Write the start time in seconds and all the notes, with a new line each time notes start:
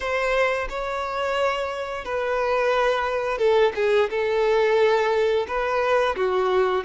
0.00 C5
0.69 C#5
2.04 B4
3.38 A4
3.75 G#4
4.09 A4
5.47 B4
6.15 F#4